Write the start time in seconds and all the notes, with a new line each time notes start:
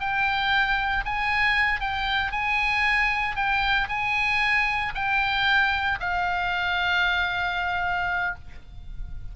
0.00 G5
1.05 G#5
1.80 G5
2.32 G#5
3.36 G5
3.89 G#5
4.95 G5
6.00 F5